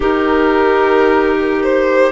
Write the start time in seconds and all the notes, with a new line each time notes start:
0.00 D#3 D#4 G4 A#4
1.62 C5